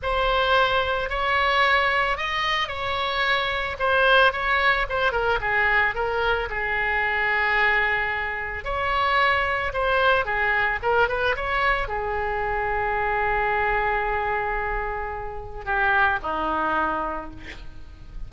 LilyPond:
\new Staff \with { instrumentName = "oboe" } { \time 4/4 \tempo 4 = 111 c''2 cis''2 | dis''4 cis''2 c''4 | cis''4 c''8 ais'8 gis'4 ais'4 | gis'1 |
cis''2 c''4 gis'4 | ais'8 b'8 cis''4 gis'2~ | gis'1~ | gis'4 g'4 dis'2 | }